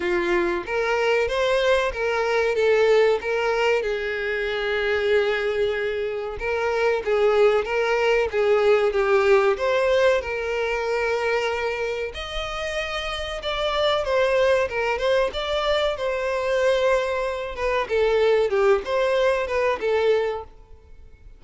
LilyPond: \new Staff \with { instrumentName = "violin" } { \time 4/4 \tempo 4 = 94 f'4 ais'4 c''4 ais'4 | a'4 ais'4 gis'2~ | gis'2 ais'4 gis'4 | ais'4 gis'4 g'4 c''4 |
ais'2. dis''4~ | dis''4 d''4 c''4 ais'8 c''8 | d''4 c''2~ c''8 b'8 | a'4 g'8 c''4 b'8 a'4 | }